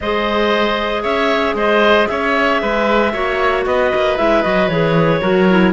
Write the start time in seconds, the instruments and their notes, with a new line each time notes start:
0.00 cello G#3, clarinet G#4 D#5, oboe C5
1.02 cello C#4, oboe C#5, clarinet E5
1.54 cello G#3, oboe C5, clarinet D#5
2.06 cello C#4, oboe C#5, clarinet E5
2.61 cello G#3, oboe B4
3.12 cello A#3, clarinet F#4, oboe C#5
3.66 cello B3, oboe B4, clarinet D#5
3.95 cello A#3
4.17 cello G#3, clarinet E4 E5
4.42 cello F#3, clarinet F#4 D#5
4.68 cello E3, clarinet G#4 C#5
5.21 cello F#3, clarinet F#4, oboe A#4
5.49 clarinet E4